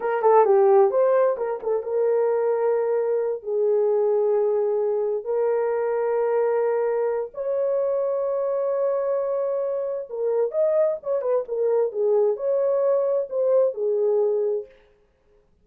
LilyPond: \new Staff \with { instrumentName = "horn" } { \time 4/4 \tempo 4 = 131 ais'8 a'8 g'4 c''4 ais'8 a'8 | ais'2.~ ais'8 gis'8~ | gis'2.~ gis'8 ais'8~ | ais'1 |
cis''1~ | cis''2 ais'4 dis''4 | cis''8 b'8 ais'4 gis'4 cis''4~ | cis''4 c''4 gis'2 | }